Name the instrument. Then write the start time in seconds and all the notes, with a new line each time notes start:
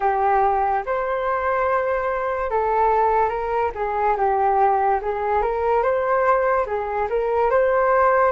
flute
0.00 G4
0.85 C5
2.50 A4
3.29 A#4
3.75 G#4
4.17 G4
5.01 G#4
5.42 A#4
5.82 C5
6.66 G#4
7.09 A#4
7.50 C5